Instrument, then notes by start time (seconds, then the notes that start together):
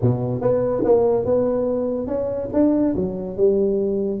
tuba
0.01 B2
0.41 B3
0.84 A#3
1.25 B3
2.07 C#4
2.53 D4
2.95 F#3
3.36 G3